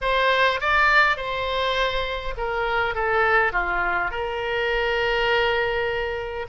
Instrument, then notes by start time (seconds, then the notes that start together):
oboe
0.01 C5
0.60 D5
1.17 C5
2.37 A#4
2.94 A4
3.52 F4
4.10 A#4